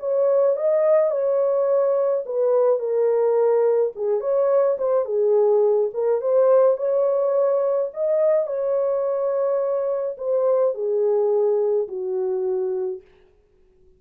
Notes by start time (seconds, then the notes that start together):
0.00 C#5
0.57 D#5
1.11 C#5
2.26 B4
2.80 A#4
3.96 G#4
4.21 C#5
4.78 C5
5.06 G#4
5.94 A#4
6.22 C5
6.77 C#5
7.94 D#5
8.47 C#5
10.18 C5
10.75 G#4
11.88 F#4